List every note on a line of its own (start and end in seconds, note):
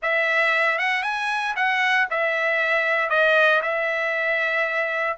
0.02 0.78 E5
0.78 1.03 F#5
1.03 1.54 G#5
1.55 2.07 F#5
2.10 3.09 E5
3.09 3.61 D#5
3.62 5.17 E5